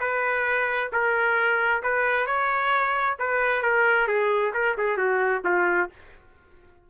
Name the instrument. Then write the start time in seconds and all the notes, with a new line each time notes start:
trumpet
0.00 B4
0.92 A#4
1.83 B4
2.26 C#5
3.19 B4
3.62 A#4
4.07 G#4
4.54 A#4
4.77 G#4
4.97 F#4
5.44 F4